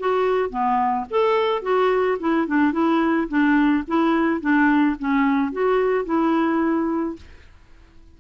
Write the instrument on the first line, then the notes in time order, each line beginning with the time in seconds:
clarinet
0.00 F#4
0.50 B3
1.11 A4
1.63 F#4
2.20 E4
2.48 D4
2.72 E4
3.29 D4
3.88 E4
4.41 D4
4.99 C#4
5.53 F#4
6.06 E4